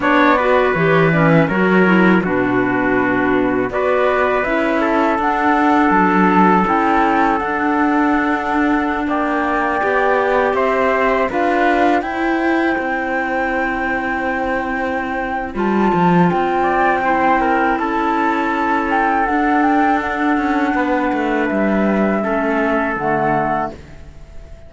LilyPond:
<<
  \new Staff \with { instrumentName = "flute" } { \time 4/4 \tempo 4 = 81 d''4 cis''8 d''16 e''16 cis''4 b'4~ | b'4 d''4 e''4 fis''4 | a''4 g''4 fis''2~ | fis''16 g''2 e''4 f''8.~ |
f''16 g''2.~ g''8.~ | g''4 a''4 g''2 | a''4. g''8 fis''8 g''8 fis''4~ | fis''4 e''2 fis''4 | }
  \new Staff \with { instrumentName = "trumpet" } { \time 4/4 cis''8 b'4. ais'4 fis'4~ | fis'4 b'4. a'4.~ | a'1~ | a'16 d''2 c''4 b'8.~ |
b'16 c''2.~ c''8.~ | c''2~ c''8 d''8 c''8 ais'8 | a'1 | b'2 a'2 | }
  \new Staff \with { instrumentName = "clarinet" } { \time 4/4 d'8 fis'8 g'8 cis'8 fis'8 e'8 d'4~ | d'4 fis'4 e'4 d'4~ | d'4 e'4 d'2~ | d'4~ d'16 g'2 f'8.~ |
f'16 e'2.~ e'8.~ | e'4 f'2 e'4~ | e'2 d'2~ | d'2 cis'4 a4 | }
  \new Staff \with { instrumentName = "cello" } { \time 4/4 b4 e4 fis4 b,4~ | b,4 b4 cis'4 d'4 | fis4 cis'4 d'2~ | d'16 ais4 b4 c'4 d'8.~ |
d'16 e'4 c'2~ c'8.~ | c'4 g8 f8 c'2 | cis'2 d'4. cis'8 | b8 a8 g4 a4 d4 | }
>>